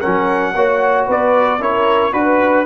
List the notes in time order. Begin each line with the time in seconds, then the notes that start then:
0.00 F#3 C#4 A#4 F#5
0.55 A#3 F#4 C#5
1.07 B3 B4 D5
1.60 C#4 E4 A#4 C#5
2.13 D4 F#4 B4